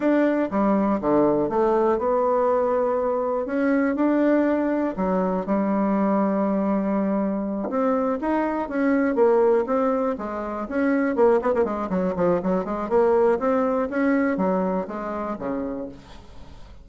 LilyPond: \new Staff \with { instrumentName = "bassoon" } { \time 4/4 \tempo 4 = 121 d'4 g4 d4 a4 | b2. cis'4 | d'2 fis4 g4~ | g2.~ g8 c'8~ |
c'8 dis'4 cis'4 ais4 c'8~ | c'8 gis4 cis'4 ais8 b16 ais16 gis8 | fis8 f8 fis8 gis8 ais4 c'4 | cis'4 fis4 gis4 cis4 | }